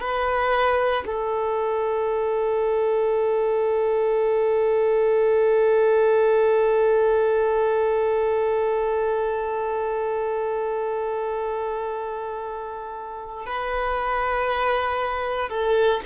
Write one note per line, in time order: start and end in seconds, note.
0.00 1.03 B4
1.06 13.45 A4
13.45 15.49 B4
15.49 16.01 A4